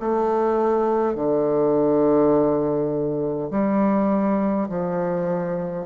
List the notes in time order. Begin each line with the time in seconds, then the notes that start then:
0.00 A3
1.16 D3
3.51 G3
4.69 F3